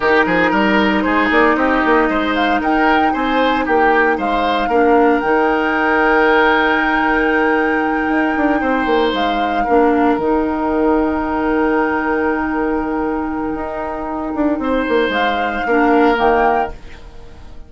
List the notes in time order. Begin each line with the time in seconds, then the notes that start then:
0.00 D#3 D#4 G4 A#4
0.26 F3 G#4
0.51 G3 A#4
1.01 G#3 G#4 C5
1.30 A#3 D5
1.55 C4 G4 D#5
1.85 A#3
2.09 G#3 C5
2.34 F5
2.60 D#4 A#4 G5
3.13 C4 C5 G#5
3.65 A#3 G4 G5
4.17 G#3 C5 F5
4.67 A#3 D4 A#4
5.20 D#3 D#4 G5
8.08 D#4
8.37 D4
8.60 C4 C5
8.86 A#3
9.13 G#3 F5
9.63 A#3 D4 A#4
10.17 D#3 D#4 G5
13.55 D#4
14.34 D4
14.58 C4 C5
14.88 A#3
15.08 G#3 F5
15.66 A#3 D4 A#4
16.15 D#3 A#3 G5